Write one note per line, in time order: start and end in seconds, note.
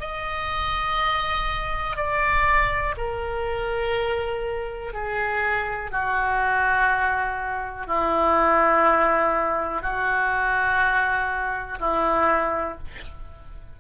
0.00 1.97 D#5
1.97 2.95 D5
2.97 4.93 A#4
4.93 5.91 G#4
5.91 7.87 F#4
7.87 9.82 E4
9.82 11.79 F#4
11.79 12.78 E4